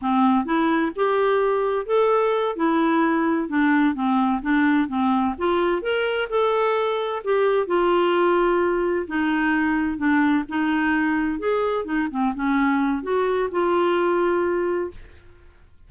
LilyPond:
\new Staff \with { instrumentName = "clarinet" } { \time 4/4 \tempo 4 = 129 c'4 e'4 g'2 | a'4. e'2 d'8~ | d'8 c'4 d'4 c'4 f'8~ | f'8 ais'4 a'2 g'8~ |
g'8 f'2. dis'8~ | dis'4. d'4 dis'4.~ | dis'8 gis'4 dis'8 c'8 cis'4. | fis'4 f'2. | }